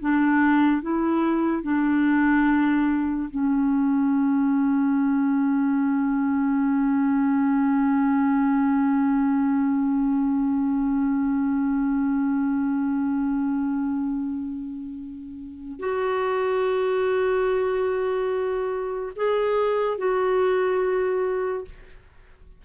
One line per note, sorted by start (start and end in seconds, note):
0.00 0.82 D4
0.82 1.62 E4
1.62 3.29 D4
3.30 15.79 C#4
15.79 19.12 F#4
19.16 19.98 G#4
19.98 21.64 F#4